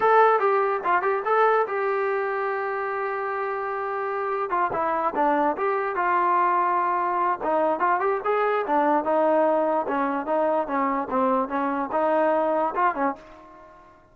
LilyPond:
\new Staff \with { instrumentName = "trombone" } { \time 4/4 \tempo 4 = 146 a'4 g'4 f'8 g'8 a'4 | g'1~ | g'2. f'8 e'8~ | e'8 d'4 g'4 f'4.~ |
f'2 dis'4 f'8 g'8 | gis'4 d'4 dis'2 | cis'4 dis'4 cis'4 c'4 | cis'4 dis'2 f'8 cis'8 | }